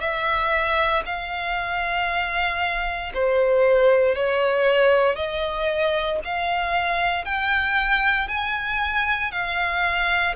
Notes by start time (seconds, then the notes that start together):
0.00 E5
1.06 F5
3.15 C5
4.16 C#5
5.16 D#5
6.24 F5
7.25 G5
8.29 G#5
9.32 F5